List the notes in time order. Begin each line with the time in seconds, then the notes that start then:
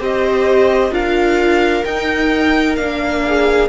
0.00 C4 G4 C5 D#5
0.91 D4 F4 A#4 F5
1.85 D#4 G5
2.76 A#3 D4 F5
3.26 G#4